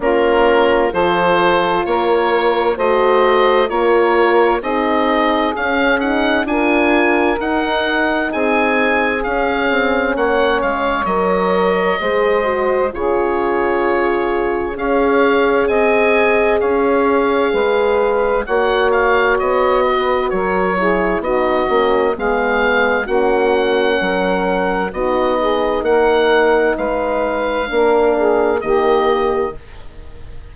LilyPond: <<
  \new Staff \with { instrumentName = "oboe" } { \time 4/4 \tempo 4 = 65 ais'4 c''4 cis''4 dis''4 | cis''4 dis''4 f''8 fis''8 gis''4 | fis''4 gis''4 f''4 fis''8 f''8 | dis''2 cis''2 |
f''4 gis''4 f''2 | fis''8 f''8 dis''4 cis''4 dis''4 | f''4 fis''2 dis''4 | fis''4 f''2 dis''4 | }
  \new Staff \with { instrumentName = "saxophone" } { \time 4/4 f'4 a'4 ais'4 c''4 | ais'4 gis'2 ais'4~ | ais'4 gis'2 cis''4~ | cis''4 c''4 gis'2 |
cis''4 dis''4 cis''4 b'4 | cis''4. b'8 ais'8 gis'8 fis'4 | gis'4 fis'4 ais'4 fis'8 gis'8 | ais'4 b'4 ais'8 gis'8 g'4 | }
  \new Staff \with { instrumentName = "horn" } { \time 4/4 cis'4 f'2 fis'4 | f'4 dis'4 cis'8 dis'8 f'4 | dis'2 cis'2 | ais'4 gis'8 fis'8 f'2 |
gis'1 | fis'2~ fis'8 e'8 dis'8 cis'8 | b4 cis'2 dis'4~ | dis'2 d'4 ais4 | }
  \new Staff \with { instrumentName = "bassoon" } { \time 4/4 ais4 f4 ais4 a4 | ais4 c'4 cis'4 d'4 | dis'4 c'4 cis'8 c'8 ais8 gis8 | fis4 gis4 cis2 |
cis'4 c'4 cis'4 gis4 | ais4 b4 fis4 b8 ais8 | gis4 ais4 fis4 b4 | ais4 gis4 ais4 dis4 | }
>>